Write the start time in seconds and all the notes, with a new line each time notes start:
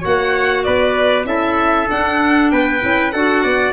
0.00 A#3 F#4 C#5 F#5
0.64 B3 B4 D5
1.25 C#4 E4 A4 E5
1.87 D4 F#5
2.51 B3 B4 G5
2.81 C#4 E4
3.11 D4 F#4 A4 F#5
3.43 B3 D5